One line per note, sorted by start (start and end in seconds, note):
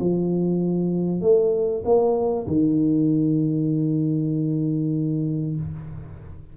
0.00 1.21 F3
1.21 1.83 A3
1.85 2.47 A#3
2.47 5.56 D#3